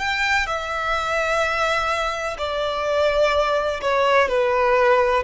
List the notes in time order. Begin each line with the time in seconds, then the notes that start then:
0.00 G5
0.47 E5
2.38 D5
3.81 C#5
4.29 B4